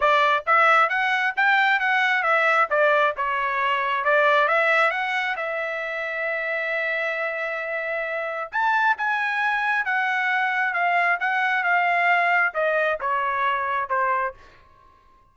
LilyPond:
\new Staff \with { instrumentName = "trumpet" } { \time 4/4 \tempo 4 = 134 d''4 e''4 fis''4 g''4 | fis''4 e''4 d''4 cis''4~ | cis''4 d''4 e''4 fis''4 | e''1~ |
e''2. a''4 | gis''2 fis''2 | f''4 fis''4 f''2 | dis''4 cis''2 c''4 | }